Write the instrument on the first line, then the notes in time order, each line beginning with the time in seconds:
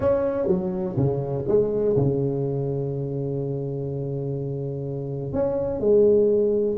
tuba
0.00 C#4
0.47 F#3
0.96 C#3
1.47 G#3
1.96 C#3
5.32 C#4
5.80 G#3